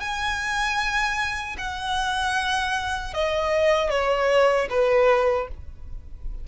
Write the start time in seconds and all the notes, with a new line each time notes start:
0.00 G#5
1.58 F#5
3.13 D#5
3.90 C#5
4.70 B4